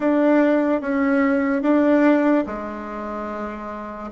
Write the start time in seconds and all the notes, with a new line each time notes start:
0.00 D4
0.81 C#4
1.62 D4
2.46 G#3